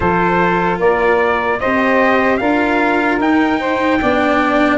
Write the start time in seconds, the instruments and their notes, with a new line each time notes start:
0.00 tuba F3, cello F4, saxophone A4, trumpet C5
0.79 tuba A#3, saxophone A#4, trumpet D5
1.59 tuba C4, cello G4, saxophone C5, trumpet D#5
2.37 tuba D4, cello F4, saxophone A#4, trumpet F5
3.18 tuba D#4, cello D#4, trumpet G5
3.59 saxophone C5
4.00 tuba B3, cello D4, saxophone D5